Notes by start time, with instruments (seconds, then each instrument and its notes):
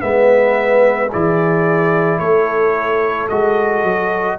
0.00 tuba G#3, trombone B3, horn B4, trumpet E5
1.10 tuba E3, trombone E4, horn G#4, trumpet D5
2.19 tuba A3, horn A4, trumpet C#5
3.29 tuba G#3, trombone F#4, trumpet D#5
3.83 tuba F#3